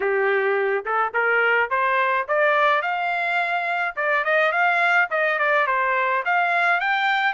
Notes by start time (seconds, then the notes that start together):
0.00 G4
0.85 A4
1.13 A#4
1.70 C5
2.28 D5
2.81 F5
3.95 D5
4.24 D#5
4.52 F5
5.10 D#5
5.38 D5
5.67 C5
6.25 F5
6.80 G5